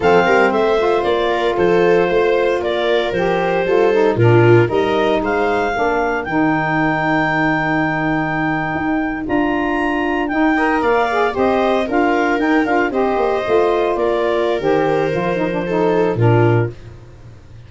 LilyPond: <<
  \new Staff \with { instrumentName = "clarinet" } { \time 4/4 \tempo 4 = 115 f''4 e''4 d''4 c''4~ | c''4 d''4 c''2 | ais'4 dis''4 f''2 | g''1~ |
g''4.~ g''16 ais''2 g''16~ | g''8. f''4 dis''4 f''4 g''16~ | g''16 f''8 dis''2 d''4~ d''16 | c''2. ais'4 | }
  \new Staff \with { instrumentName = "viola" } { \time 4/4 a'8 ais'8 c''4. ais'8 a'4 | c''4 ais'2 a'4 | f'4 ais'4 c''4 ais'4~ | ais'1~ |
ais'1~ | ais'16 dis''8 d''4 c''4 ais'4~ ais'16~ | ais'8. c''2 ais'4~ ais'16~ | ais'2 a'4 f'4 | }
  \new Staff \with { instrumentName = "saxophone" } { \time 4/4 c'4. f'2~ f'8~ | f'2 g'4 f'8 dis'8 | d'4 dis'2 d'4 | dis'1~ |
dis'4.~ dis'16 f'2 dis'16~ | dis'16 ais'4 gis'8 g'4 f'4 dis'16~ | dis'16 f'8 g'4 f'2~ f'16 | g'4 f'8 dis'16 d'16 dis'4 d'4 | }
  \new Staff \with { instrumentName = "tuba" } { \time 4/4 f8 g8 a4 ais4 f4 | a4 ais4 f4 g4 | ais,4 g4 gis4 ais4 | dis1~ |
dis8. dis'4 d'2 dis'16~ | dis'8. ais4 c'4 d'4 dis'16~ | dis'16 d'8 c'8 ais8 a4 ais4~ ais16 | dis4 f2 ais,4 | }
>>